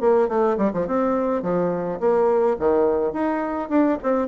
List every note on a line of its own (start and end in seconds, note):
0.00 0.28 A#3
0.28 0.57 A3
0.57 0.71 G3
0.73 0.87 F3
0.87 1.42 C4
1.42 1.99 F3
1.99 2.57 A#3
2.59 3.12 D#3
3.12 3.69 D#4
3.69 3.97 D4
4.02 4.27 C4